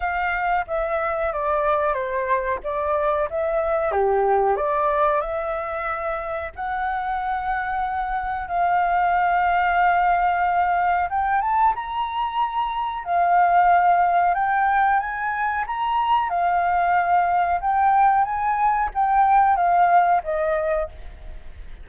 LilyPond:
\new Staff \with { instrumentName = "flute" } { \time 4/4 \tempo 4 = 92 f''4 e''4 d''4 c''4 | d''4 e''4 g'4 d''4 | e''2 fis''2~ | fis''4 f''2.~ |
f''4 g''8 a''8 ais''2 | f''2 g''4 gis''4 | ais''4 f''2 g''4 | gis''4 g''4 f''4 dis''4 | }